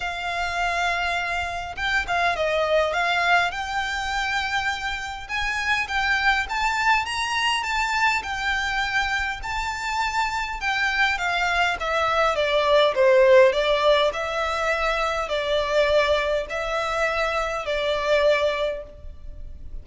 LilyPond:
\new Staff \with { instrumentName = "violin" } { \time 4/4 \tempo 4 = 102 f''2. g''8 f''8 | dis''4 f''4 g''2~ | g''4 gis''4 g''4 a''4 | ais''4 a''4 g''2 |
a''2 g''4 f''4 | e''4 d''4 c''4 d''4 | e''2 d''2 | e''2 d''2 | }